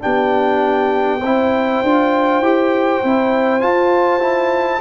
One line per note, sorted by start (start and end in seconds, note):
0.00 1.22 B3
0.00 1.20 D4
0.00 1.21 G4
0.00 3.62 G5
1.21 1.82 C4
1.21 1.85 E4
1.21 4.80 C5
1.83 2.40 D4
1.83 2.43 F4
2.40 3.00 E4
2.40 3.03 G4
3.04 3.63 C4
3.04 3.61 E4
3.61 4.20 F4
3.61 4.82 F4
3.61 4.82 A5
4.20 4.80 E4